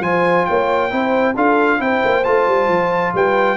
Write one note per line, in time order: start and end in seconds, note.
0.00 0.44 F3
0.00 0.90 F4
0.00 0.48 C5
0.00 0.45 G#5
0.45 0.91 A#3
0.45 0.90 C#5
0.45 1.34 G5
0.90 1.36 C4
0.90 1.34 E4
0.90 1.34 C5
1.35 1.80 D4
1.35 1.78 F4
1.35 1.79 A4
1.35 1.81 F5
1.78 2.02 C4
1.78 2.23 E4
1.78 3.14 C5
1.78 2.24 G5
2.04 2.26 A#3
2.24 2.47 A3
2.24 3.57 F4
2.24 3.13 A5
2.47 2.68 G3
2.68 3.12 F3
3.14 3.57 G3
3.14 3.57 B4
3.14 3.57 G5